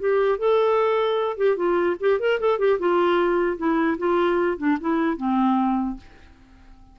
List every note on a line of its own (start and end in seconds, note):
0.00 0.39 G4
0.39 1.38 A4
1.38 1.57 G4
1.57 1.97 F4
2.01 2.20 G4
2.20 2.40 A#4
2.40 2.59 A4
2.59 2.79 G4
2.80 3.58 F4
3.58 3.98 E4
3.99 4.58 F4
4.58 4.78 D4
4.81 5.17 E4
5.17 5.97 C4